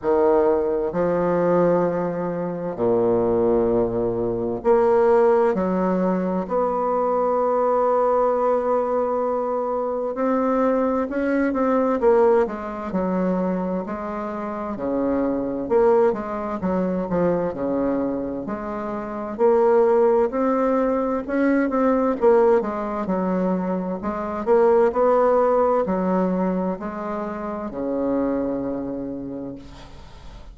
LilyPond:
\new Staff \with { instrumentName = "bassoon" } { \time 4/4 \tempo 4 = 65 dis4 f2 ais,4~ | ais,4 ais4 fis4 b4~ | b2. c'4 | cis'8 c'8 ais8 gis8 fis4 gis4 |
cis4 ais8 gis8 fis8 f8 cis4 | gis4 ais4 c'4 cis'8 c'8 | ais8 gis8 fis4 gis8 ais8 b4 | fis4 gis4 cis2 | }